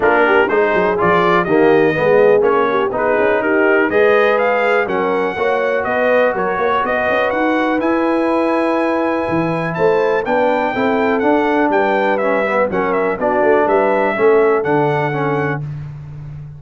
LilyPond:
<<
  \new Staff \with { instrumentName = "trumpet" } { \time 4/4 \tempo 4 = 123 ais'4 c''4 d''4 dis''4~ | dis''4 cis''4 b'4 ais'4 | dis''4 f''4 fis''2 | dis''4 cis''4 dis''4 fis''4 |
gis''1 | a''4 g''2 fis''4 | g''4 e''4 fis''8 e''8 d''4 | e''2 fis''2 | }
  \new Staff \with { instrumentName = "horn" } { \time 4/4 f'8 g'8 gis'2 g'4 | gis'4. g'8 gis'4 g'4 | b'2 ais'4 cis''4 | b'4 ais'8 cis''8 b'2~ |
b'1 | c''4 b'4 a'2 | b'2 ais'4 fis'4 | b'4 a'2. | }
  \new Staff \with { instrumentName = "trombone" } { \time 4/4 d'4 dis'4 f'4 ais4 | b4 cis'4 dis'2 | gis'2 cis'4 fis'4~ | fis'1 |
e'1~ | e'4 d'4 e'4 d'4~ | d'4 cis'8 b8 cis'4 d'4~ | d'4 cis'4 d'4 cis'4 | }
  \new Staff \with { instrumentName = "tuba" } { \time 4/4 ais4 gis8 fis8 f4 dis4 | gis4 ais4 b8 cis'8 dis'4 | gis2 fis4 ais4 | b4 fis8 ais8 b8 cis'8 dis'4 |
e'2. e4 | a4 b4 c'4 d'4 | g2 fis4 b8 a8 | g4 a4 d2 | }
>>